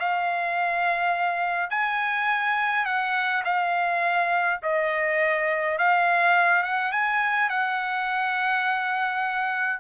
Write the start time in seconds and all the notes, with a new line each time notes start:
0.00 F5
1.70 G#5
2.86 F#5
3.45 F5
4.63 D#5
5.79 F5
6.63 F#5
6.92 G#5
7.49 F#5